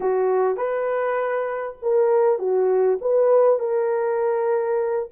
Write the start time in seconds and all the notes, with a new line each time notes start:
0.00 F#4
0.56 B4
1.82 A#4
2.38 F#4
3.01 B4
3.59 A#4